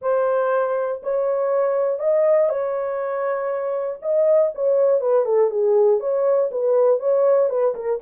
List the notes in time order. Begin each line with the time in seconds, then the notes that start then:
0.01 C5
1.02 C#5
1.99 D#5
2.49 C#5
4.02 D#5
4.54 C#5
5.00 B4
5.25 A4
5.50 G#4
6.00 C#5
6.51 B4
6.99 C#5
7.49 B4
7.74 A#4